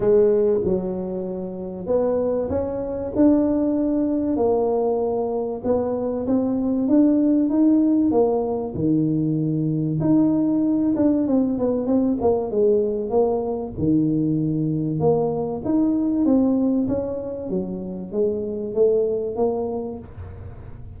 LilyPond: \new Staff \with { instrumentName = "tuba" } { \time 4/4 \tempo 4 = 96 gis4 fis2 b4 | cis'4 d'2 ais4~ | ais4 b4 c'4 d'4 | dis'4 ais4 dis2 |
dis'4. d'8 c'8 b8 c'8 ais8 | gis4 ais4 dis2 | ais4 dis'4 c'4 cis'4 | fis4 gis4 a4 ais4 | }